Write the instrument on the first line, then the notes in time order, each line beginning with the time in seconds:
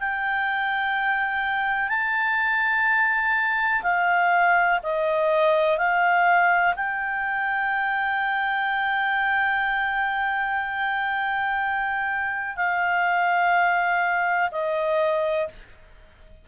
clarinet
0.00 G5
1.89 A5
3.83 F5
4.83 D#5
5.78 F5
6.76 G5
12.57 F5
14.52 D#5